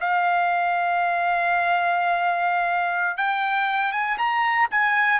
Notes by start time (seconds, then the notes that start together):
0.00 F5
3.17 G5
3.92 G#5
4.18 A#5
4.71 G#5